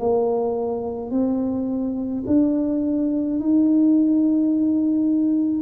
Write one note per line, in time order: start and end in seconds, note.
0.00 1.11 A#3
1.11 2.24 C4
2.27 3.40 D4
3.41 5.62 D#4